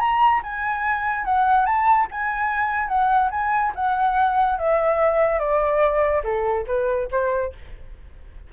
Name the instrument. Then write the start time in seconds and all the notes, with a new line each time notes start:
flute
0.00 A#5
0.44 G#5
1.25 F#5
1.66 A5
2.11 G#5
2.88 F#5
3.31 G#5
3.76 F#5
4.59 E5
5.39 D5
6.24 A4
6.67 B4
7.11 C5